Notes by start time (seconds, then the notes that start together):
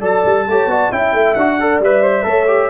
0.00 F#3 A4 D5 A5
0.25 G3
0.48 A3 G4 C#5
0.67 B3 F#4 D5
0.91 C#4 E4 E5 G5
1.13 A3
1.34 D4 F#4 F#5
1.60 A4 D5
1.79 G3 B4 E5
2.03 C5
2.24 A3 A4 C#5
2.47 G4